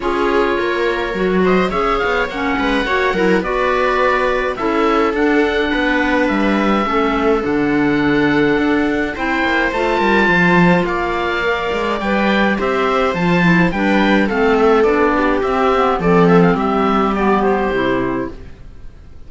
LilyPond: <<
  \new Staff \with { instrumentName = "oboe" } { \time 4/4 \tempo 4 = 105 cis''2~ cis''8 dis''8 e''8 f''8 | fis''2 d''2 | e''4 fis''2 e''4~ | e''4 fis''2. |
g''4 a''2 f''4~ | f''4 g''4 e''4 a''4 | g''4 f''8 e''8 d''4 e''4 | d''8 e''16 f''16 e''4 d''8 c''4. | }
  \new Staff \with { instrumentName = "viola" } { \time 4/4 gis'4 ais'4. c''8 cis''4~ | cis''8 b'8 cis''8 ais'8 b'2 | a'2 b'2 | a'1 |
c''4. ais'8 c''4 d''4~ | d''2 c''2 | b'4 a'4. g'4. | a'4 g'2. | }
  \new Staff \with { instrumentName = "clarinet" } { \time 4/4 f'2 fis'4 gis'4 | cis'4 fis'8 e'8 fis'2 | e'4 d'2. | cis'4 d'2. |
e'4 f'2. | ais'4 b'4 g'4 f'8 e'8 | d'4 c'4 d'4 c'8 b8 | c'2 b4 e'4 | }
  \new Staff \with { instrumentName = "cello" } { \time 4/4 cis'4 ais4 fis4 cis'8 b8 | ais8 gis8 ais8 fis8 b2 | cis'4 d'4 b4 g4 | a4 d2 d'4 |
c'8 ais8 a8 g8 f4 ais4~ | ais8 gis8 g4 c'4 f4 | g4 a4 b4 c'4 | f4 g2 c4 | }
>>